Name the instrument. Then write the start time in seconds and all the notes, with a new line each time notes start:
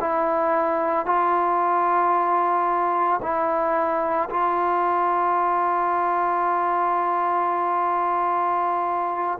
trombone
0.00 E4
1.06 F4
3.22 E4
4.30 F4